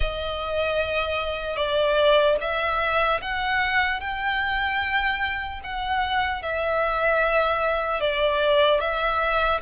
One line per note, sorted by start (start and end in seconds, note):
0.00 1.56 D#5
1.56 2.36 D5
2.40 3.20 E5
3.21 4.00 F#5
4.00 5.60 G5
5.63 6.42 F#5
6.42 8.00 E5
8.00 8.80 D5
8.80 9.60 E5